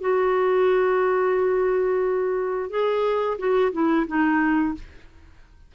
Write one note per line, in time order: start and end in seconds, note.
0.00 2.70 F#4
2.70 3.37 G#4
3.38 3.72 F#4
3.72 4.06 E4
4.07 4.74 D#4